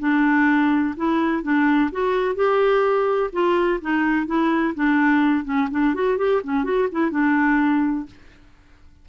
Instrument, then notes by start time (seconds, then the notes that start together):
clarinet
0.00 D4
0.97 E4
1.43 D4
1.92 F#4
2.35 G4
3.33 F4
3.82 D#4
4.27 E4
4.75 D4
5.45 C#4
5.71 D4
5.95 F#4
6.18 G4
6.44 C#4
6.65 F#4
6.92 E4
7.11 D4